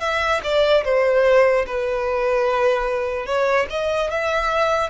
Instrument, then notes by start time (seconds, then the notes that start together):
violin
0.00 E5
0.43 D5
0.84 C5
1.66 B4
3.26 C#5
3.70 D#5
4.11 E5